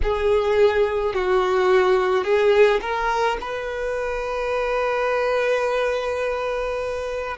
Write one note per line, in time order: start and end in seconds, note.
0.03 1.14 G#4
1.14 2.24 F#4
2.24 2.80 G#4
2.80 3.37 A#4
3.41 7.37 B4